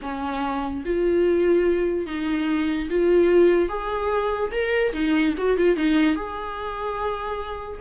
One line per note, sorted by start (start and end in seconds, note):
0.01 0.83 C#4
0.85 2.06 F4
2.06 2.88 D#4
2.90 3.69 F4
3.69 4.51 G#4
4.51 4.92 A#4
4.93 5.34 D#4
5.37 5.57 F#4
5.57 5.76 F4
5.76 6.15 D#4
6.15 7.80 G#4